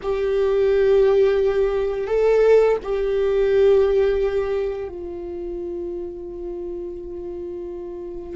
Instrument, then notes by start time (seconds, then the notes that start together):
viola
0.02 G4
2.07 A4
2.82 G4
4.88 F4